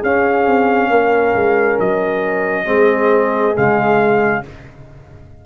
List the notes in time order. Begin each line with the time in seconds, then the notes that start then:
0.00 C#4 G#4 F5
0.47 C4
0.90 A#3 A#4
1.35 G#3
1.80 F#3 D#5
2.66 G#3 C4 G#4
3.55 C#3 G#3 F5